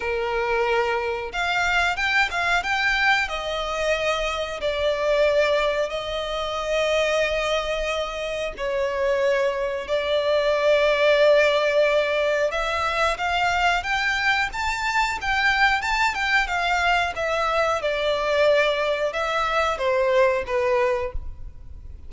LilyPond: \new Staff \with { instrumentName = "violin" } { \time 4/4 \tempo 4 = 91 ais'2 f''4 g''8 f''8 | g''4 dis''2 d''4~ | d''4 dis''2.~ | dis''4 cis''2 d''4~ |
d''2. e''4 | f''4 g''4 a''4 g''4 | a''8 g''8 f''4 e''4 d''4~ | d''4 e''4 c''4 b'4 | }